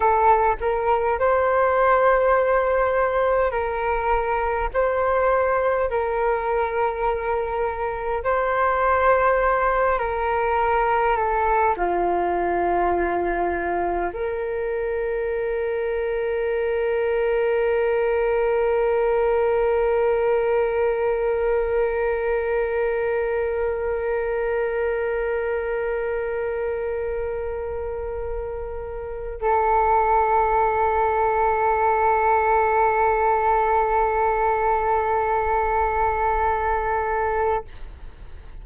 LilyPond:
\new Staff \with { instrumentName = "flute" } { \time 4/4 \tempo 4 = 51 a'8 ais'8 c''2 ais'4 | c''4 ais'2 c''4~ | c''8 ais'4 a'8 f'2 | ais'1~ |
ais'1~ | ais'1~ | ais'4 a'2.~ | a'1 | }